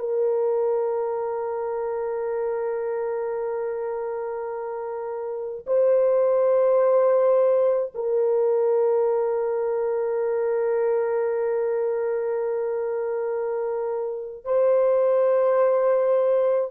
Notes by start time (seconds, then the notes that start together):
0.00 A#4
5.67 C5
7.95 A#4
14.45 C5